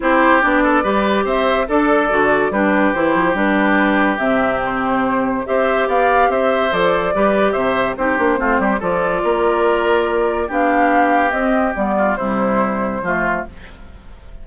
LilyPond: <<
  \new Staff \with { instrumentName = "flute" } { \time 4/4 \tempo 4 = 143 c''4 d''2 e''4 | d''2 b'4 c''4 | b'2 e''4 c''4~ | c''4 e''4 f''4 e''4 |
d''2 e''4 c''4~ | c''4 d''2.~ | d''4 f''2 dis''4 | d''4 c''2. | }
  \new Staff \with { instrumentName = "oboe" } { \time 4/4 g'4. a'8 b'4 c''4 | a'2 g'2~ | g'1~ | g'4 c''4 d''4 c''4~ |
c''4 b'4 c''4 g'4 | f'8 g'8 a'4 ais'2~ | ais'4 g'2.~ | g'8 f'8 e'2 f'4 | }
  \new Staff \with { instrumentName = "clarinet" } { \time 4/4 e'4 d'4 g'2 | a'4 fis'4 d'4 e'4 | d'2 c'2~ | c'4 g'2. |
a'4 g'2 dis'8 d'8 | c'4 f'2.~ | f'4 d'2 c'4 | b4 g2 a4 | }
  \new Staff \with { instrumentName = "bassoon" } { \time 4/4 c'4 b4 g4 c'4 | d'4 d4 g4 e8 f8 | g2 c2~ | c4 c'4 b4 c'4 |
f4 g4 c4 c'8 ais8 | a8 g8 f4 ais2~ | ais4 b2 c'4 | g4 c2 f4 | }
>>